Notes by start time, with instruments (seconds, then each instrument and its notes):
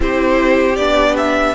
0.00 cello C4, viola E4, violin G4 C5
0.76 cello B3, viola D4, violin D5
1.17 violin E5